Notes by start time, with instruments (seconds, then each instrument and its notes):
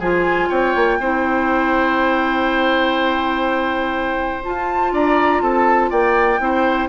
0.00 bassoon F3, clarinet F4, oboe G#4, flute G#5
0.49 bassoon C4, oboe C#5, flute G5
0.76 bassoon A#3
0.99 bassoon C4, clarinet E4, oboe C5
4.43 clarinet F4, bassoon F4, flute A5
4.93 bassoon D4, oboe D5, flute A#5
5.42 bassoon C4, oboe A4, flute A5
5.91 bassoon A#3, oboe D5, flute G5
6.40 bassoon C4, clarinet E4, oboe C5